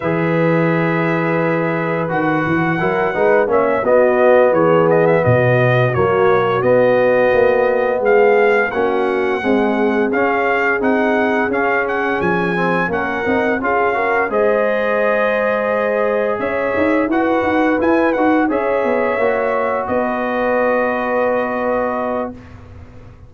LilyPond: <<
  \new Staff \with { instrumentName = "trumpet" } { \time 4/4 \tempo 4 = 86 e''2. fis''4~ | fis''4 e''8 dis''4 cis''8 dis''16 e''16 dis''8~ | dis''8 cis''4 dis''2 f''8~ | f''8 fis''2 f''4 fis''8~ |
fis''8 f''8 fis''8 gis''4 fis''4 f''8~ | f''8 dis''2. e''8~ | e''8 fis''4 gis''8 fis''8 e''4.~ | e''8 dis''2.~ dis''8 | }
  \new Staff \with { instrumentName = "horn" } { \time 4/4 b'1 | ais'8 b'8 cis''8 fis'4 gis'4 fis'8~ | fis'2.~ fis'8 gis'8~ | gis'8 fis'4 gis'2~ gis'8~ |
gis'2~ gis'8 ais'4 gis'8 | ais'8 c''2. cis''8~ | cis''8 b'2 cis''4.~ | cis''8 b'2.~ b'8 | }
  \new Staff \with { instrumentName = "trombone" } { \time 4/4 gis'2. fis'4 | e'8 dis'8 cis'8 b2~ b8~ | b8 ais4 b2~ b8~ | b8 cis'4 gis4 cis'4 dis'8~ |
dis'8 cis'4. c'8 cis'8 dis'8 f'8 | fis'8 gis'2.~ gis'8~ | gis'8 fis'4 e'8 fis'8 gis'4 fis'8~ | fis'1 | }
  \new Staff \with { instrumentName = "tuba" } { \time 4/4 e2. dis8 e8 | fis8 gis8 ais8 b4 e4 b,8~ | b,8 fis4 b4 ais4 gis8~ | gis8 ais4 c'4 cis'4 c'8~ |
c'8 cis'4 f4 ais8 c'8 cis'8~ | cis'8 gis2. cis'8 | dis'8 e'8 dis'8 e'8 dis'8 cis'8 b8 ais8~ | ais8 b2.~ b8 | }
>>